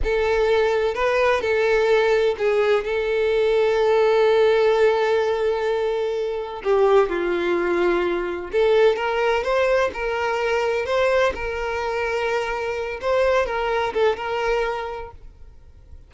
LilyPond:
\new Staff \with { instrumentName = "violin" } { \time 4/4 \tempo 4 = 127 a'2 b'4 a'4~ | a'4 gis'4 a'2~ | a'1~ | a'2 g'4 f'4~ |
f'2 a'4 ais'4 | c''4 ais'2 c''4 | ais'2.~ ais'8 c''8~ | c''8 ais'4 a'8 ais'2 | }